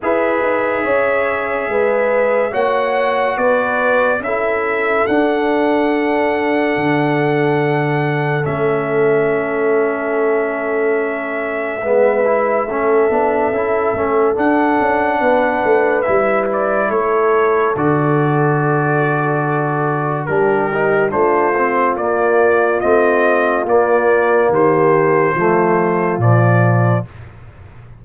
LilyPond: <<
  \new Staff \with { instrumentName = "trumpet" } { \time 4/4 \tempo 4 = 71 e''2. fis''4 | d''4 e''4 fis''2~ | fis''2 e''2~ | e''1~ |
e''4 fis''2 e''8 d''8 | cis''4 d''2. | ais'4 c''4 d''4 dis''4 | d''4 c''2 d''4 | }
  \new Staff \with { instrumentName = "horn" } { \time 4/4 b'4 cis''4 b'4 cis''4 | b'4 a'2.~ | a'1~ | a'2 b'4 a'4~ |
a'2 b'2 | a'1 | g'4 f'2.~ | f'4 g'4 f'2 | }
  \new Staff \with { instrumentName = "trombone" } { \time 4/4 gis'2. fis'4~ | fis'4 e'4 d'2~ | d'2 cis'2~ | cis'2 b8 e'8 cis'8 d'8 |
e'8 cis'8 d'2 e'4~ | e'4 fis'2. | d'8 dis'8 d'8 c'8 ais4 c'4 | ais2 a4 f4 | }
  \new Staff \with { instrumentName = "tuba" } { \time 4/4 e'8 dis'8 cis'4 gis4 ais4 | b4 cis'4 d'2 | d2 a2~ | a2 gis4 a8 b8 |
cis'8 a8 d'8 cis'8 b8 a8 g4 | a4 d2. | g4 a4 ais4 a4 | ais4 dis4 f4 ais,4 | }
>>